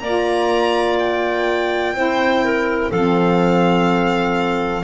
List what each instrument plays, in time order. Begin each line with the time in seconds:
0.00 double bass A#3, saxophone F4, clarinet D5, violin A#5
0.99 violin G5
1.94 double bass C4, saxophone E4, clarinet C5
2.45 clarinet A#4
2.91 double bass F3, saxophone C4, clarinet A4, violin F5